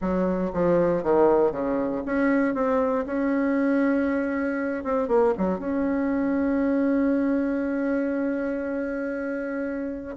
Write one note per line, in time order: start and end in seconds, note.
0.01 0.52 F#3
0.53 1.03 F3
1.03 1.51 D#3
1.51 2.02 C#3
2.05 2.54 C#4
2.54 3.05 C4
3.06 4.84 C#4
4.84 5.08 C4
5.08 5.33 A#3
5.37 5.58 F#3
5.58 10.16 C#4